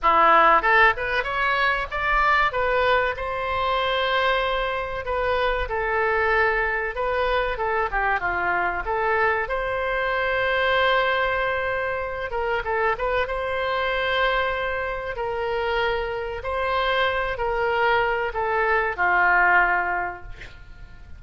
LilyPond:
\new Staff \with { instrumentName = "oboe" } { \time 4/4 \tempo 4 = 95 e'4 a'8 b'8 cis''4 d''4 | b'4 c''2. | b'4 a'2 b'4 | a'8 g'8 f'4 a'4 c''4~ |
c''2.~ c''8 ais'8 | a'8 b'8 c''2. | ais'2 c''4. ais'8~ | ais'4 a'4 f'2 | }